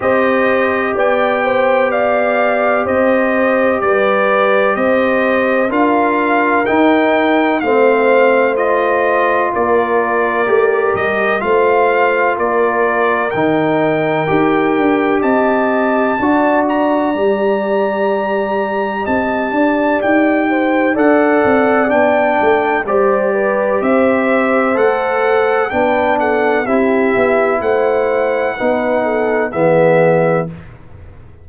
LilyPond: <<
  \new Staff \with { instrumentName = "trumpet" } { \time 4/4 \tempo 4 = 63 dis''4 g''4 f''4 dis''4 | d''4 dis''4 f''4 g''4 | f''4 dis''4 d''4. dis''8 | f''4 d''4 g''2 |
a''4. ais''2~ ais''8 | a''4 g''4 fis''4 g''4 | d''4 e''4 fis''4 g''8 fis''8 | e''4 fis''2 e''4 | }
  \new Staff \with { instrumentName = "horn" } { \time 4/4 c''4 d''8 c''8 d''4 c''4 | b'4 c''4 ais'2 | c''2 ais'2 | c''4 ais'2. |
dis''4 d''2. | dis''8 d''4 c''8 d''2 | c''8 b'8 c''2 b'8 a'8 | g'4 c''4 b'8 a'8 gis'4 | }
  \new Staff \with { instrumentName = "trombone" } { \time 4/4 g'1~ | g'2 f'4 dis'4 | c'4 f'2 g'4 | f'2 dis'4 g'4~ |
g'4 fis'4 g'2~ | g'2 a'4 d'4 | g'2 a'4 d'4 | e'2 dis'4 b4 | }
  \new Staff \with { instrumentName = "tuba" } { \time 4/4 c'4 b2 c'4 | g4 c'4 d'4 dis'4 | a2 ais4 a8 g8 | a4 ais4 dis4 dis'8 d'8 |
c'4 d'4 g2 | c'8 d'8 dis'4 d'8 c'8 b8 a8 | g4 c'4 a4 b4 | c'8 b8 a4 b4 e4 | }
>>